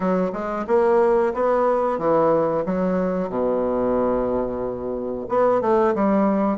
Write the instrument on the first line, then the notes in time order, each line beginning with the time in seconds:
bassoon
0.00 F#3
0.32 G#3
0.67 A#3
1.34 B3
1.98 E3
2.65 F#3
3.29 B2
5.28 B3
5.61 A3
5.95 G3